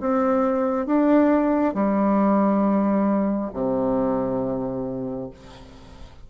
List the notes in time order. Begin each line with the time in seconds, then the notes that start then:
0.00 C4
0.86 D4
1.74 G3
3.53 C3